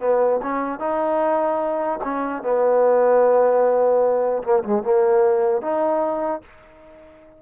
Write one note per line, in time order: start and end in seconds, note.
0.00 0.40 B3
0.42 0.79 C#4
0.79 1.99 D#4
2.03 2.43 C#4
2.43 4.43 B3
4.43 4.63 A#3
4.63 4.83 G#3
4.83 5.61 A#3
5.61 6.41 D#4